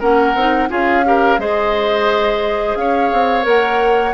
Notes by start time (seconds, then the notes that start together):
0.00 A#3 C#4 A#4 F#5
0.35 C4 D#4
0.69 C#4 F4 G#4 F5
1.05 G4 A#4
1.38 G#3 G#4 C5 D#5
2.76 C#4 C#5 F5
3.13 C4
3.43 A#3 A#4 F#5